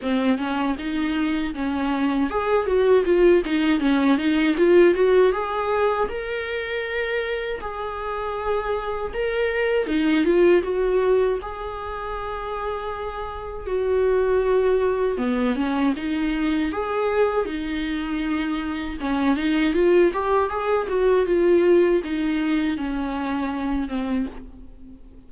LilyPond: \new Staff \with { instrumentName = "viola" } { \time 4/4 \tempo 4 = 79 c'8 cis'8 dis'4 cis'4 gis'8 fis'8 | f'8 dis'8 cis'8 dis'8 f'8 fis'8 gis'4 | ais'2 gis'2 | ais'4 dis'8 f'8 fis'4 gis'4~ |
gis'2 fis'2 | b8 cis'8 dis'4 gis'4 dis'4~ | dis'4 cis'8 dis'8 f'8 g'8 gis'8 fis'8 | f'4 dis'4 cis'4. c'8 | }